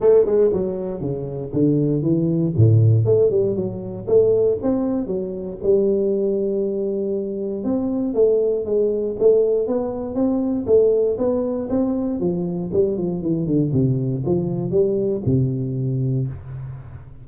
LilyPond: \new Staff \with { instrumentName = "tuba" } { \time 4/4 \tempo 4 = 118 a8 gis8 fis4 cis4 d4 | e4 a,4 a8 g8 fis4 | a4 c'4 fis4 g4~ | g2. c'4 |
a4 gis4 a4 b4 | c'4 a4 b4 c'4 | f4 g8 f8 e8 d8 c4 | f4 g4 c2 | }